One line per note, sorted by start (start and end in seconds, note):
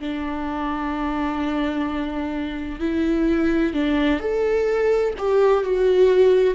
0.00 2.80 D4
2.80 3.74 E4
3.74 4.20 D4
4.20 5.14 A4
5.18 5.64 G4
5.64 6.55 F#4